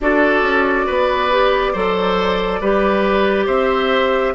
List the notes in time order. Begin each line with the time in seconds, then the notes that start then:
0.01 D4 F#4 A4 D5
0.41 C#4
0.86 B3 B4
1.31 G4
1.72 F#3 A4 C5
2.59 G3 G4 B4
3.46 C4 C5 E5